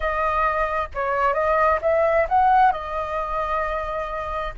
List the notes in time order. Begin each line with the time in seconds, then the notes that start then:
0.00 D#5
0.94 C#5
1.33 D#5
1.81 E5
2.29 F#5
2.72 D#5